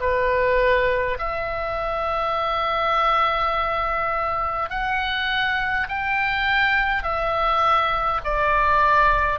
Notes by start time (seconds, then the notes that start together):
0.00 B4
1.18 E5
4.70 F#5
5.89 G5
7.03 E5
8.24 D5